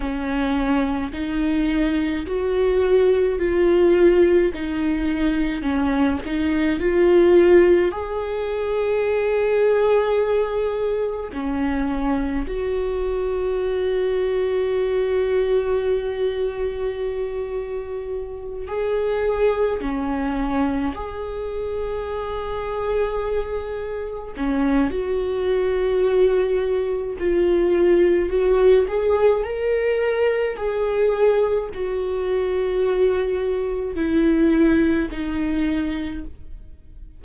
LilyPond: \new Staff \with { instrumentName = "viola" } { \time 4/4 \tempo 4 = 53 cis'4 dis'4 fis'4 f'4 | dis'4 cis'8 dis'8 f'4 gis'4~ | gis'2 cis'4 fis'4~ | fis'1~ |
fis'8 gis'4 cis'4 gis'4.~ | gis'4. cis'8 fis'2 | f'4 fis'8 gis'8 ais'4 gis'4 | fis'2 e'4 dis'4 | }